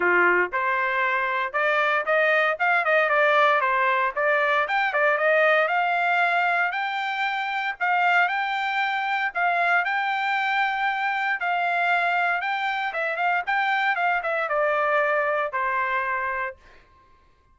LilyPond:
\new Staff \with { instrumentName = "trumpet" } { \time 4/4 \tempo 4 = 116 f'4 c''2 d''4 | dis''4 f''8 dis''8 d''4 c''4 | d''4 g''8 d''8 dis''4 f''4~ | f''4 g''2 f''4 |
g''2 f''4 g''4~ | g''2 f''2 | g''4 e''8 f''8 g''4 f''8 e''8 | d''2 c''2 | }